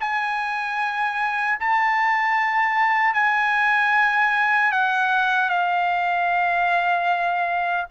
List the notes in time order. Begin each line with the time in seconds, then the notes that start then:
0.00 G#5
1.60 A5
3.14 G#5
4.72 F#5
5.49 F5